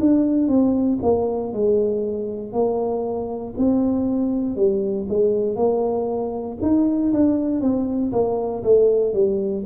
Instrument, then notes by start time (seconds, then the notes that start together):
tuba
0.00 D4
0.48 C4
1.02 A#3
1.53 G#3
2.53 A#3
3.57 C4
4.56 G3
5.08 G#3
5.56 A#3
6.62 D#4
7.13 D4
7.61 C4
8.13 A#3
8.64 A3
9.13 G3